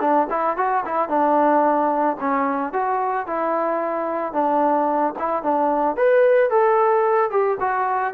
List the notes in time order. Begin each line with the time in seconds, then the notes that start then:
0.00 D4
0.29 E4
0.57 F#4
0.85 E4
1.08 D4
2.20 C#4
2.72 F#4
3.26 E4
4.32 D4
5.19 E4
5.43 D4
5.96 B4
6.50 A4
7.30 G4
7.59 F#4